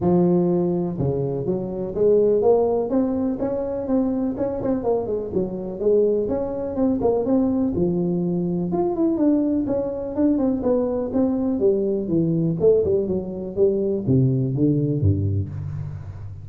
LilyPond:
\new Staff \with { instrumentName = "tuba" } { \time 4/4 \tempo 4 = 124 f2 cis4 fis4 | gis4 ais4 c'4 cis'4 | c'4 cis'8 c'8 ais8 gis8 fis4 | gis4 cis'4 c'8 ais8 c'4 |
f2 f'8 e'8 d'4 | cis'4 d'8 c'8 b4 c'4 | g4 e4 a8 g8 fis4 | g4 c4 d4 g,4 | }